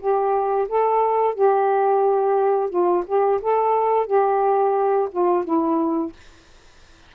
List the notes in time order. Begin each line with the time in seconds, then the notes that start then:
0.00 G4
0.69 A4
1.35 G4
2.70 F4
3.07 G4
3.42 A4
4.07 G4
5.12 F4
5.45 E4